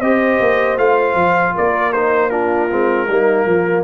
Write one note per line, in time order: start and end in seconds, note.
0.00 0.40 C4
0.00 0.78 G4
0.00 1.54 C5
0.00 0.78 D#5
0.40 0.78 A#3
0.78 1.15 A3
0.78 1.94 F4
0.78 1.56 F5
1.15 1.54 F3
1.55 2.72 A#3
1.55 2.31 A#4
1.55 1.93 D5
1.93 2.31 D#4
1.93 2.30 C5
2.30 2.70 D4
2.30 3.08 F4
2.30 3.84 A#4
2.70 3.08 G#3
2.70 3.09 C4
3.08 3.46 G3
3.08 3.84 A#3
3.08 3.46 D#4
3.46 3.84 F3
3.46 3.84 F4